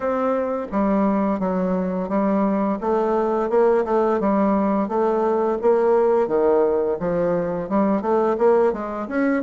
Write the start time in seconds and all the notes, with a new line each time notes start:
0.00 C4
0.71 G3
1.39 F#3
2.08 G3
2.80 A3
3.49 A#3
3.85 A3
4.20 G3
4.88 A3
5.61 A#3
6.27 D#3
6.99 F3
7.69 G3
8.01 A3
8.38 A#3
8.72 G#3
9.08 C#4